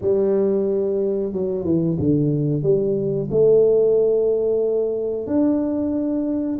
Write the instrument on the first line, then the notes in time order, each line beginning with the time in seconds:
tuba
0.01 G3
1.32 F#3
1.64 E3
1.99 D3
2.63 G3
3.30 A3
5.26 D4